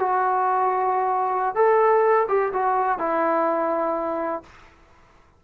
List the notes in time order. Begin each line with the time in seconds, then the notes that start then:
0.00 F#4
1.55 A4
2.29 G4
2.53 F#4
2.99 E4